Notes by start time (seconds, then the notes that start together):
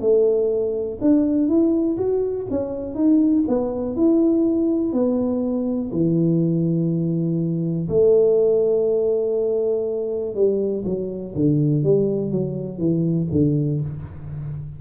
0.00 A3
1.01 D4
1.48 E4
1.98 F#4
2.50 C#4
2.95 D#4
3.48 B3
3.96 E4
4.92 B3
5.92 E3
7.89 A3
10.35 G3
10.85 F#3
11.35 D3
11.83 G3
12.31 F#3
12.78 E3
13.31 D3